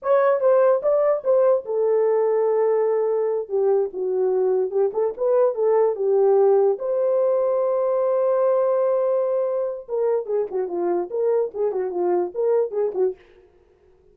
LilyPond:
\new Staff \with { instrumentName = "horn" } { \time 4/4 \tempo 4 = 146 cis''4 c''4 d''4 c''4 | a'1~ | a'8 g'4 fis'2 g'8 | a'8 b'4 a'4 g'4.~ |
g'8 c''2.~ c''8~ | c''1 | ais'4 gis'8 fis'8 f'4 ais'4 | gis'8 fis'8 f'4 ais'4 gis'8 fis'8 | }